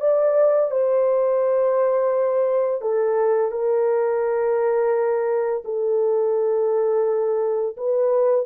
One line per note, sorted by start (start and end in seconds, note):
0.00 0.70 D5
0.70 2.81 C5
2.81 3.51 A4
3.51 5.62 A#4
5.64 7.76 A4
7.76 8.45 B4